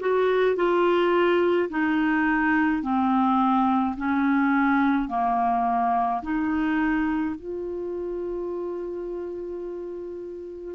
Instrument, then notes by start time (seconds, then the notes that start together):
clarinet
0.00 F#4
0.56 F4
1.70 D#4
2.83 C4
3.97 C#4
5.09 A#3
6.23 D#4
7.36 F4